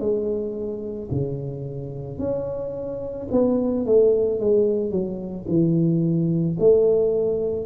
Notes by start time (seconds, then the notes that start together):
0.00 G#3
1.11 C#3
2.19 C#4
3.31 B3
3.86 A3
4.40 G#3
4.91 F#3
5.48 E3
6.60 A3